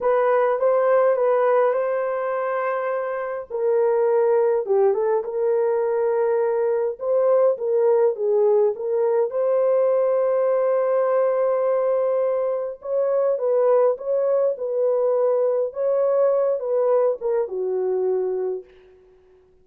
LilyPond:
\new Staff \with { instrumentName = "horn" } { \time 4/4 \tempo 4 = 103 b'4 c''4 b'4 c''4~ | c''2 ais'2 | g'8 a'8 ais'2. | c''4 ais'4 gis'4 ais'4 |
c''1~ | c''2 cis''4 b'4 | cis''4 b'2 cis''4~ | cis''8 b'4 ais'8 fis'2 | }